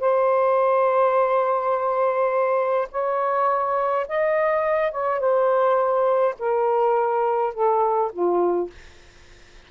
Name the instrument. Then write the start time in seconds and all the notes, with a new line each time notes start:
saxophone
0.00 C5
2.92 C#5
4.09 D#5
4.92 C#5
5.20 C5
6.40 A#4
7.54 A4
8.13 F4